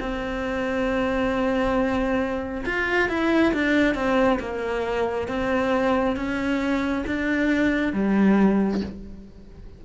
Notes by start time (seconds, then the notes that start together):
0.00 C4
2.66 F4
3.09 E4
3.54 D4
3.95 C4
4.40 A#3
5.28 C4
6.16 C#4
7.07 D4
7.93 G3